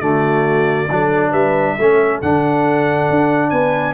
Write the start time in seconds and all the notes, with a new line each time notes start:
0.00 D3 A3 F#4 D5
0.90 F#3 D4 A4
1.30 G3 B4 E5
1.78 A3 C#4 A4
2.22 D3 D4 F#5
3.10 D4
3.50 B3 B4 G#5